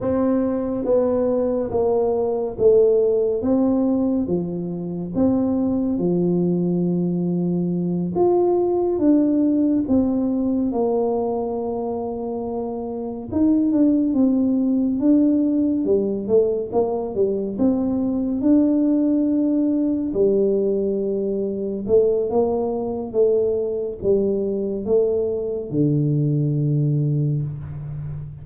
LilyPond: \new Staff \with { instrumentName = "tuba" } { \time 4/4 \tempo 4 = 70 c'4 b4 ais4 a4 | c'4 f4 c'4 f4~ | f4. f'4 d'4 c'8~ | c'8 ais2. dis'8 |
d'8 c'4 d'4 g8 a8 ais8 | g8 c'4 d'2 g8~ | g4. a8 ais4 a4 | g4 a4 d2 | }